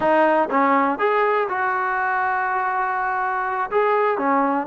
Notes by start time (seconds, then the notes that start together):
0.00 D#4
0.50 C#4
0.99 G#4
1.49 F#4
3.70 G#4
4.17 C#4